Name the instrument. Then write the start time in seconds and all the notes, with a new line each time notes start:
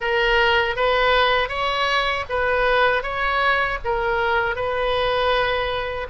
oboe
0.00 A#4
0.76 B4
1.48 C#5
2.29 B4
3.02 C#5
3.84 A#4
4.55 B4